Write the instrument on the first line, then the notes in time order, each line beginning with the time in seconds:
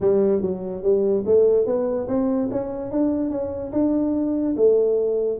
tuba
0.00 G3
0.41 F#3
0.82 G3
1.26 A3
1.66 B3
2.07 C4
2.51 C#4
2.91 D4
3.30 C#4
3.72 D4
4.56 A3